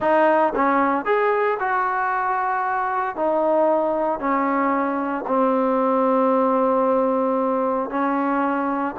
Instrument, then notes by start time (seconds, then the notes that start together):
trombone
0.00 D#4
0.55 C#4
1.05 G#4
1.59 F#4
3.16 D#4
4.19 C#4
5.27 C4
7.89 C#4